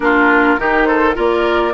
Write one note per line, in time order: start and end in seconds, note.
0.00 0.56 A#3
0.00 0.58 D4
0.00 0.60 F4
0.00 0.84 A#4
0.58 1.16 D#3
0.58 1.13 D#4
0.58 0.87 G4
0.84 1.15 A4
0.84 1.13 C5
1.13 1.73 A#3
1.13 1.72 F4
1.13 1.73 A#4
1.13 1.73 D5